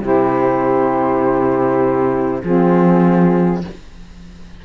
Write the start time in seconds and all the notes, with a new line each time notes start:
0.00 C3 E4 G4
0.07 C5
2.42 F3 C4 F4 G#4